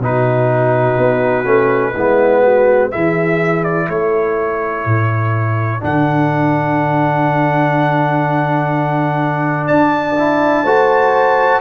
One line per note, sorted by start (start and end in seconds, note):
0.00 0.97 B2
0.00 1.45 D#4
0.00 1.94 F#4
0.00 2.92 B4
0.99 1.45 B3
1.45 1.94 A3
1.45 1.94 C#4
1.94 2.93 G#3
1.94 2.92 B3
1.94 2.43 E4
2.43 2.91 F#4
2.92 3.89 E3
2.92 5.81 E4
2.92 3.87 G#4
2.92 3.64 E5
3.64 3.89 D5
3.87 4.86 A3
3.87 9.67 A4
3.87 5.83 C#5
4.86 5.82 A2
5.81 9.71 D3
5.81 10.16 D4
5.81 9.68 F#5
9.67 10.64 D4
9.67 10.64 D5
9.67 11.61 A5
10.19 10.66 E4
10.64 11.61 A3
10.64 11.61 F#4
10.64 11.61 C5